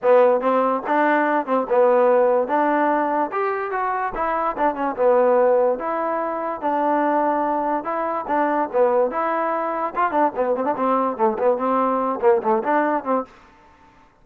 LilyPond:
\new Staff \with { instrumentName = "trombone" } { \time 4/4 \tempo 4 = 145 b4 c'4 d'4. c'8 | b2 d'2 | g'4 fis'4 e'4 d'8 cis'8 | b2 e'2 |
d'2. e'4 | d'4 b4 e'2 | f'8 d'8 b8 c'16 d'16 c'4 a8 b8 | c'4. ais8 a8 d'4 c'8 | }